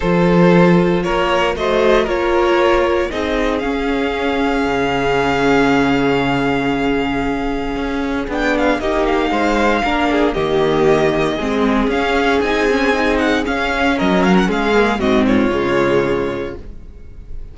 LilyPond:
<<
  \new Staff \with { instrumentName = "violin" } { \time 4/4 \tempo 4 = 116 c''2 cis''4 dis''4 | cis''2 dis''4 f''4~ | f''1~ | f''1 |
g''8 f''8 dis''8 f''2~ f''8 | dis''2. f''4 | gis''4. fis''8 f''4 dis''8 f''16 fis''16 | f''4 dis''8 cis''2~ cis''8 | }
  \new Staff \with { instrumentName = "violin" } { \time 4/4 a'2 ais'4 c''4 | ais'2 gis'2~ | gis'1~ | gis'1~ |
gis'4 g'4 c''4 ais'8 gis'8 | g'2 gis'2~ | gis'2. ais'4 | gis'4 fis'8 f'2~ f'8 | }
  \new Staff \with { instrumentName = "viola" } { \time 4/4 f'2. fis'4 | f'2 dis'4 cis'4~ | cis'1~ | cis'1 |
d'4 dis'2 d'4 | ais2 c'4 cis'4 | dis'8 cis'8 dis'4 cis'2~ | cis'8 ais8 c'4 gis2 | }
  \new Staff \with { instrumentName = "cello" } { \time 4/4 f2 ais4 a4 | ais2 c'4 cis'4~ | cis'4 cis2.~ | cis2. cis'4 |
b4 ais4 gis4 ais4 | dis2 gis4 cis'4 | c'2 cis'4 fis4 | gis4 gis,4 cis2 | }
>>